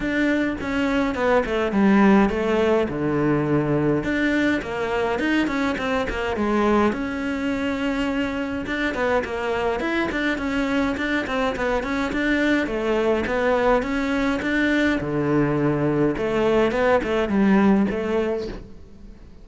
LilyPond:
\new Staff \with { instrumentName = "cello" } { \time 4/4 \tempo 4 = 104 d'4 cis'4 b8 a8 g4 | a4 d2 d'4 | ais4 dis'8 cis'8 c'8 ais8 gis4 | cis'2. d'8 b8 |
ais4 e'8 d'8 cis'4 d'8 c'8 | b8 cis'8 d'4 a4 b4 | cis'4 d'4 d2 | a4 b8 a8 g4 a4 | }